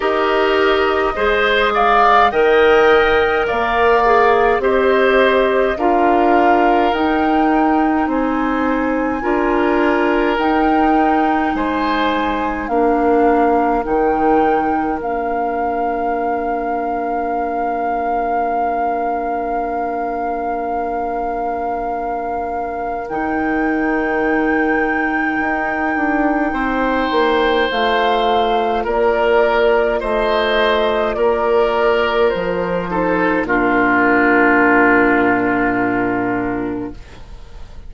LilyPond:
<<
  \new Staff \with { instrumentName = "flute" } { \time 4/4 \tempo 4 = 52 dis''4. f''8 g''4 f''4 | dis''4 f''4 g''4 gis''4~ | gis''4 g''4 gis''4 f''4 | g''4 f''2.~ |
f''1 | g''1 | f''4 d''4 dis''4 d''4 | c''4 ais'2. | }
  \new Staff \with { instrumentName = "oboe" } { \time 4/4 ais'4 c''8 d''8 dis''4 d''4 | c''4 ais'2 c''4 | ais'2 c''4 ais'4~ | ais'1~ |
ais'1~ | ais'2. c''4~ | c''4 ais'4 c''4 ais'4~ | ais'8 a'8 f'2. | }
  \new Staff \with { instrumentName = "clarinet" } { \time 4/4 g'4 gis'4 ais'4. gis'8 | g'4 f'4 dis'2 | f'4 dis'2 d'4 | dis'4 d'2.~ |
d'1 | dis'1 | f'1~ | f'8 dis'8 d'2. | }
  \new Staff \with { instrumentName = "bassoon" } { \time 4/4 dis'4 gis4 dis4 ais4 | c'4 d'4 dis'4 c'4 | d'4 dis'4 gis4 ais4 | dis4 ais2.~ |
ais1 | dis2 dis'8 d'8 c'8 ais8 | a4 ais4 a4 ais4 | f4 ais,2. | }
>>